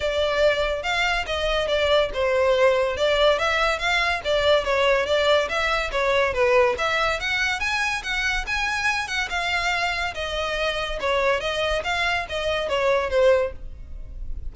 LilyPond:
\new Staff \with { instrumentName = "violin" } { \time 4/4 \tempo 4 = 142 d''2 f''4 dis''4 | d''4 c''2 d''4 | e''4 f''4 d''4 cis''4 | d''4 e''4 cis''4 b'4 |
e''4 fis''4 gis''4 fis''4 | gis''4. fis''8 f''2 | dis''2 cis''4 dis''4 | f''4 dis''4 cis''4 c''4 | }